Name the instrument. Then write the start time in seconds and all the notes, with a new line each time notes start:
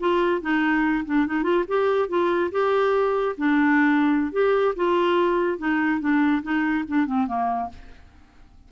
clarinet
0.00 F4
0.41 D#4
1.06 D4
1.27 D#4
1.43 F4
1.68 G4
2.09 F4
2.52 G4
3.38 D4
4.33 G4
4.76 F4
5.58 D#4
6.00 D4
6.43 D#4
6.88 D4
7.06 C4
7.27 A#3